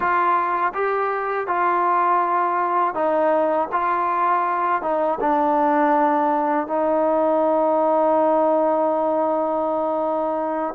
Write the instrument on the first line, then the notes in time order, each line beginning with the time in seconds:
trombone
0.00 F4
0.74 G4
1.47 F4
2.94 D#4
3.71 F4
4.81 D#4
5.20 D4
6.67 D#4